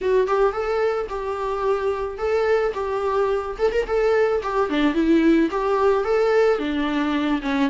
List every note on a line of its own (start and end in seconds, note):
0.01 0.27 F#4
0.27 0.52 G4
0.52 1.07 A4
1.09 2.17 G4
2.17 2.72 A4
2.74 3.56 G4
3.58 3.72 A4
3.72 3.86 A#4
3.86 4.41 A4
4.42 4.69 G4
4.69 4.94 D4
4.94 5.49 E4
5.50 6.04 G4
6.04 6.58 A4
6.58 7.41 D4
7.42 7.69 C#4